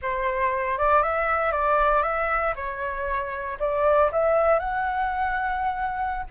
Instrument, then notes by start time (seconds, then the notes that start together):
flute
0.01 C5
0.77 D5
1.02 E5
1.52 D5
2.03 E5
2.55 C#5
3.59 D5
4.11 E5
4.59 F#5